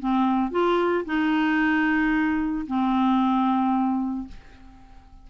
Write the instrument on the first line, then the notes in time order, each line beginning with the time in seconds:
clarinet
0.00 C4
0.52 F4
1.06 D#4
2.68 C4